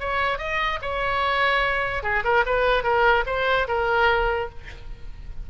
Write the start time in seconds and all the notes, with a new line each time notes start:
0.00 C#5
0.39 D#5
0.82 C#5
2.03 G#4
2.24 A#4
2.46 B4
2.84 A#4
3.27 C5
3.68 A#4